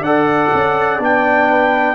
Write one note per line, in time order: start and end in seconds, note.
0.00 0.48 D4
0.00 0.99 A4
0.00 1.47 D5
0.00 1.00 F#5
0.53 0.98 C#4
0.98 1.95 B3
0.98 1.95 D4
0.98 1.95 G5
1.50 1.95 B4